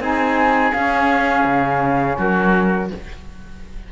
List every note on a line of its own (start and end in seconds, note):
0.00 0.72 C4
0.00 0.73 D#4
0.00 2.18 G#4
0.00 0.73 G#5
0.73 2.91 C#4
0.73 1.45 C#4
0.73 2.18 F5
1.45 2.17 C#3
2.18 2.91 F#3
2.18 2.91 F#4
2.18 2.92 A#4